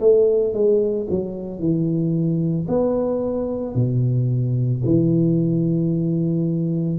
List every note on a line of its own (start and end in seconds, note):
0.00 0.54 A3
0.54 1.07 G#3
1.10 1.59 F#3
1.59 2.66 E3
2.68 3.75 B3
3.75 4.82 B2
4.85 6.98 E3